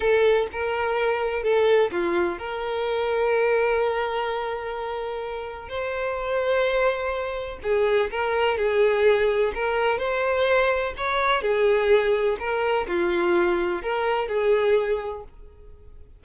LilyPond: \new Staff \with { instrumentName = "violin" } { \time 4/4 \tempo 4 = 126 a'4 ais'2 a'4 | f'4 ais'2.~ | ais'1 | c''1 |
gis'4 ais'4 gis'2 | ais'4 c''2 cis''4 | gis'2 ais'4 f'4~ | f'4 ais'4 gis'2 | }